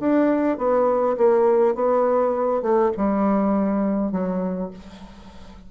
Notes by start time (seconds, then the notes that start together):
0.00 D4
0.58 B3
1.18 A#3
1.75 B3
2.62 A3
2.97 G3
4.12 F#3